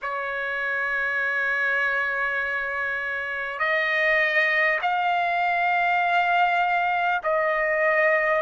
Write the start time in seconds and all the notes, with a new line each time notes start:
0.02 C#5
3.59 D#5
4.81 F5
7.23 D#5